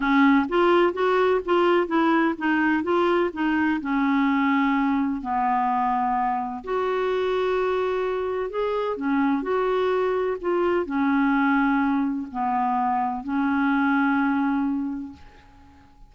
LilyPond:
\new Staff \with { instrumentName = "clarinet" } { \time 4/4 \tempo 4 = 127 cis'4 f'4 fis'4 f'4 | e'4 dis'4 f'4 dis'4 | cis'2. b4~ | b2 fis'2~ |
fis'2 gis'4 cis'4 | fis'2 f'4 cis'4~ | cis'2 b2 | cis'1 | }